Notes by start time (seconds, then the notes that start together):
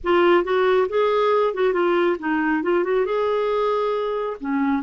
0.03 F4
0.44 F#4
0.89 G#4
1.54 F#4
1.73 F4
2.19 D#4
2.63 F4
2.84 F#4
3.05 G#4
4.40 C#4